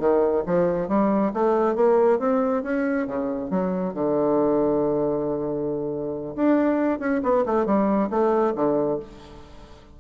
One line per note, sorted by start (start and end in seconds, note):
0.00 0.44 D#3
0.47 0.89 F3
0.89 1.33 G3
1.34 1.76 A3
1.76 2.19 A#3
2.19 2.63 C4
2.63 3.07 C#4
3.07 3.50 C#3
3.50 3.94 F#3
3.94 6.35 D3
6.36 7.00 D4
7.00 7.22 C#4
7.23 7.45 B3
7.46 7.66 A3
7.66 8.10 G3
8.10 8.54 A3
8.56 9.00 D3